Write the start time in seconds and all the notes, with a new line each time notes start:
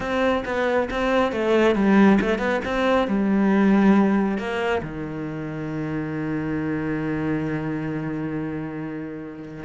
0.00 C4
0.45 B3
0.90 C4
1.31 A3
1.75 G3
2.20 A3
2.38 B3
2.65 C4
3.07 G3
4.38 A#3
4.82 D#3